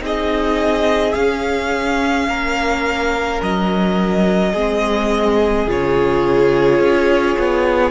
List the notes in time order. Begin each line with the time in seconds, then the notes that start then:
0.00 C4 D#4 G#4 D#5
1.14 C#4 F5
2.28 A#3 A#4
3.42 F#3 D#5
4.53 G#3 C4 G#4
5.67 C#3 F4 C#5
6.80 C#4
7.39 B3